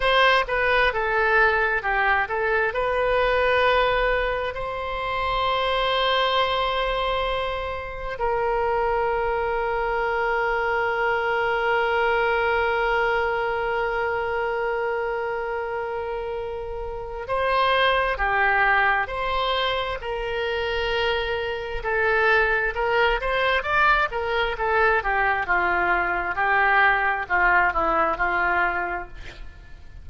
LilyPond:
\new Staff \with { instrumentName = "oboe" } { \time 4/4 \tempo 4 = 66 c''8 b'8 a'4 g'8 a'8 b'4~ | b'4 c''2.~ | c''4 ais'2.~ | ais'1~ |
ais'2. c''4 | g'4 c''4 ais'2 | a'4 ais'8 c''8 d''8 ais'8 a'8 g'8 | f'4 g'4 f'8 e'8 f'4 | }